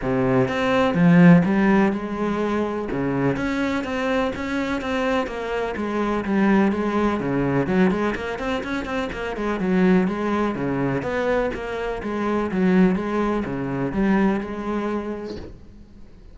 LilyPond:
\new Staff \with { instrumentName = "cello" } { \time 4/4 \tempo 4 = 125 c4 c'4 f4 g4 | gis2 cis4 cis'4 | c'4 cis'4 c'4 ais4 | gis4 g4 gis4 cis4 |
fis8 gis8 ais8 c'8 cis'8 c'8 ais8 gis8 | fis4 gis4 cis4 b4 | ais4 gis4 fis4 gis4 | cis4 g4 gis2 | }